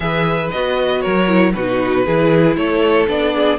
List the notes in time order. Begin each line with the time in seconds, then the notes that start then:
0.00 E3 G#4 B4 E5
0.51 B3 F#4 D#5
1.01 F#3 A#4 C#5
1.27 E4
1.53 B2 D#4 F#4 B4
2.05 E3 E4 G#4
2.56 A3 A4 C#5
3.07 B3 D4 D5
3.34 G#4